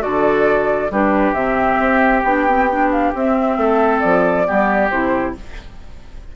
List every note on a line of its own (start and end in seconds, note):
0.00 0.90 D3
0.00 0.89 F#4
0.00 0.92 A4
0.00 0.91 D5
0.90 1.33 G3
0.90 1.36 D4
0.90 3.59 G4
0.90 1.33 B4
1.33 1.77 C3
1.33 2.25 C4
1.33 2.22 E5
1.80 2.24 C4
2.24 3.13 B3
2.24 2.48 D4
2.24 2.91 G5
2.48 2.70 C4
2.71 3.15 D4
2.91 3.14 F5
3.15 4.46 C4
3.15 3.57 C4
3.15 4.00 E5
3.57 4.02 A3
3.57 4.47 A4
4.00 4.49 F3
4.00 4.89 D5
4.46 4.91 G3
4.46 4.90 B3
4.46 5.36 G4
4.90 5.36 C3
4.90 5.36 E4
4.90 5.34 C5